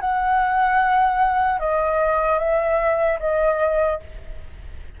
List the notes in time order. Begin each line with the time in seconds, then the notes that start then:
0.00 F#5
1.59 D#5
2.38 E5
3.19 D#5